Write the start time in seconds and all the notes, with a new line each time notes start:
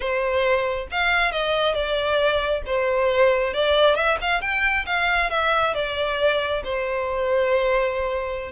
0.00 C5
0.91 F5
1.31 D#5
1.74 D5
2.66 C5
3.53 D5
3.95 E5
4.21 F5
4.41 G5
4.86 F5
5.30 E5
5.74 D5
6.64 C5